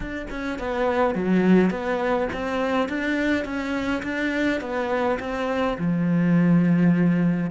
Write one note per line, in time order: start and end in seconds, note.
0.00 0.26 D4
0.30 0.58 C#4
0.58 1.14 B3
1.14 1.70 F#3
1.70 2.28 B3
2.32 2.88 C4
2.88 3.44 D4
3.44 4.02 C#4
4.03 4.60 D4
4.60 5.18 B3
5.19 5.77 C4
5.77 7.50 F3